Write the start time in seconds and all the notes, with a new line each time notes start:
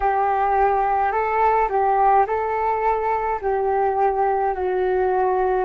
0.00 G4
1.12 A4
1.69 G4
2.26 A4
3.41 G4
4.54 F#4